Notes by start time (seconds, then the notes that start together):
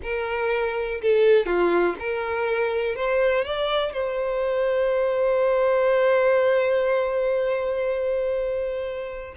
0.02 A#4
1.01 A4
1.46 F4
1.99 A#4
2.95 C5
3.44 D5
3.93 C5